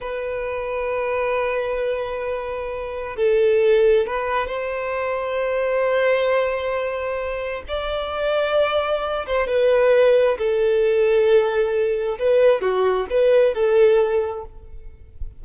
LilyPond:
\new Staff \with { instrumentName = "violin" } { \time 4/4 \tempo 4 = 133 b'1~ | b'2. a'4~ | a'4 b'4 c''2~ | c''1~ |
c''4 d''2.~ | d''8 c''8 b'2 a'4~ | a'2. b'4 | fis'4 b'4 a'2 | }